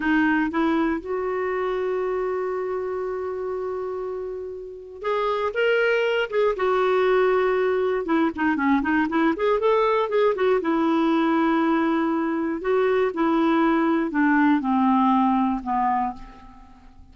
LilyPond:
\new Staff \with { instrumentName = "clarinet" } { \time 4/4 \tempo 4 = 119 dis'4 e'4 fis'2~ | fis'1~ | fis'2 gis'4 ais'4~ | ais'8 gis'8 fis'2. |
e'8 dis'8 cis'8 dis'8 e'8 gis'8 a'4 | gis'8 fis'8 e'2.~ | e'4 fis'4 e'2 | d'4 c'2 b4 | }